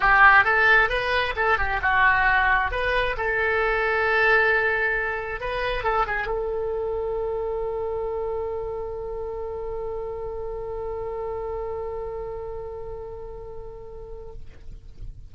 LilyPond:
\new Staff \with { instrumentName = "oboe" } { \time 4/4 \tempo 4 = 134 g'4 a'4 b'4 a'8 g'8 | fis'2 b'4 a'4~ | a'1 | b'4 a'8 gis'8 a'2~ |
a'1~ | a'1~ | a'1~ | a'1 | }